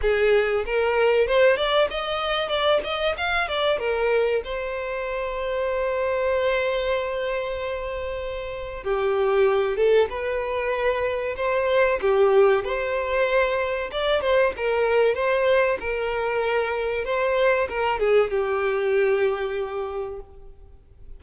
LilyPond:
\new Staff \with { instrumentName = "violin" } { \time 4/4 \tempo 4 = 95 gis'4 ais'4 c''8 d''8 dis''4 | d''8 dis''8 f''8 d''8 ais'4 c''4~ | c''1~ | c''2 g'4. a'8 |
b'2 c''4 g'4 | c''2 d''8 c''8 ais'4 | c''4 ais'2 c''4 | ais'8 gis'8 g'2. | }